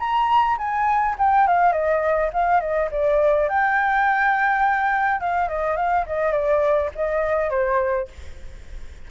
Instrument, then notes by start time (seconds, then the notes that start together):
flute
0.00 A#5
0.58 G#5
1.19 G5
1.48 F5
1.73 D#5
2.34 F5
2.61 D#5
2.92 D5
3.49 G5
5.21 F5
5.49 D#5
5.77 F5
6.07 D#5
6.33 D5
6.95 D#5
7.51 C5